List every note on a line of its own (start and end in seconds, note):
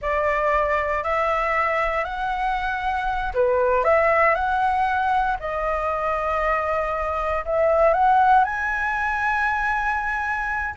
0.01 1.03 D5
1.03 2.04 E5
2.04 3.32 F#5
3.34 3.84 B4
3.84 4.34 E5
4.34 5.37 F#5
5.39 7.45 D#5
7.45 7.93 E5
7.93 8.44 F#5
8.44 10.75 G#5